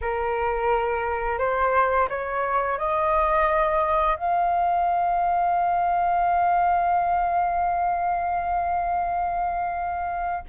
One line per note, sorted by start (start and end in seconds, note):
0.01 1.38 A#4
1.38 2.08 C5
2.09 2.78 C#5
2.78 4.16 D#5
4.16 10.44 F5